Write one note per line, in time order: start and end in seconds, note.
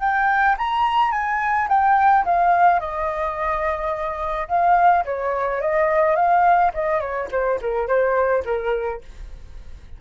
0.00 0.56 G5
0.58 1.12 A#5
1.12 1.68 G#5
1.69 2.25 G5
2.25 2.80 F5
2.80 4.48 D#5
4.49 5.05 F5
5.05 5.61 C#5
5.61 6.16 D#5
6.16 6.72 F5
6.74 7.00 D#5
7.00 7.28 C#5
7.31 7.59 C5
7.61 7.88 A#4
7.88 8.44 C5
8.45 9.01 A#4